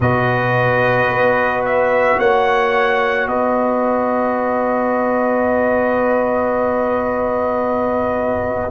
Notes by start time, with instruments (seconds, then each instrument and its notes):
0.00 tuba B2, trombone F#4, horn B4, trumpet D#5
1.07 tuba B3
1.65 trumpet E5
2.18 tuba A#3, horn C#5, trumpet F#5
3.27 tuba B3, horn B4, trumpet D#5